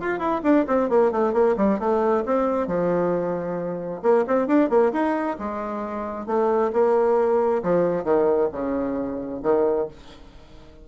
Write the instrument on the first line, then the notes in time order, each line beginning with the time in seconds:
bassoon
0.00 F4
0.19 E4
0.43 D4
0.67 C4
0.89 A#3
1.12 A3
1.33 A#3
1.57 G3
1.79 A3
2.26 C4
2.67 F3
4.02 A#3
4.27 C4
4.47 D4
4.70 A#3
4.92 D#4
5.39 G#3
6.26 A3
6.73 A#3
7.63 F3
8.04 D#3
8.52 C#3
9.43 D#3